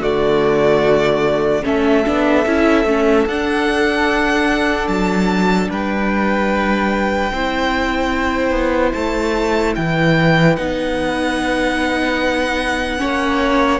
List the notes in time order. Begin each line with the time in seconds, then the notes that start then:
0.00 D3 A3 F#4 D5
1.64 A3 C#4 A4 E5
2.05 B3 D4
2.45 C#4 E4
2.85 A3 C#4
3.26 D4 F#5
4.87 F#3 A5
5.69 G3 B4 G5
7.31 C4 E4 C5
8.51 B3
8.92 A3 A5
9.75 E3 B4 G5
10.56 B3 D#4 F#5
12.98 A#3 C#4 C#5